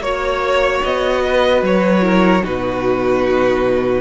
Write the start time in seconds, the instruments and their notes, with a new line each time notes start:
0.00 cello A#3, viola F#4, violin C#5
0.84 cello B3, violin D#5
1.25 violin B4
1.62 cello F#3, violin C#5
2.02 viola E4, violin A#4
2.43 cello B2, viola D#4, violin F#4 B4